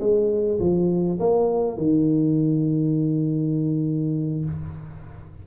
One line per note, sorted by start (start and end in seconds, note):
0.00 0.59 G#3
0.60 1.19 F3
1.20 1.77 A#3
1.77 4.45 D#3